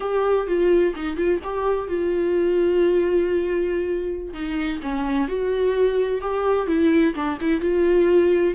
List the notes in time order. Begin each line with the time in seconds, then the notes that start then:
0.00 G4
0.47 F4
0.95 D#4
1.16 F4
1.43 G4
1.88 F4
4.33 D#4
4.82 C#4
5.28 F#4
6.21 G4
6.67 E4
7.14 D4
7.40 E4
7.61 F4